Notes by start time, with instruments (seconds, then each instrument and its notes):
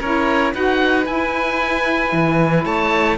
0.00 cello C#4, saxophone E4, violin A#4, oboe C#5
0.54 cello D#4, saxophone F#4, violin B4, oboe F#5
1.05 saxophone E4, cello E4, oboe G#5
2.13 cello E3
2.65 cello A3, violin C#5, oboe A5